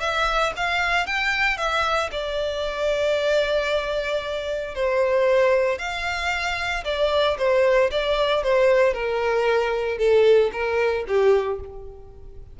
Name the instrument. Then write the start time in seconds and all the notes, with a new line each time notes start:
violin
0.00 E5
0.56 F5
1.06 G5
1.57 E5
2.12 D5
4.75 C5
5.78 F5
6.84 D5
7.38 C5
7.91 D5
8.43 C5
8.94 A#4
9.98 A4
10.52 A#4
11.07 G4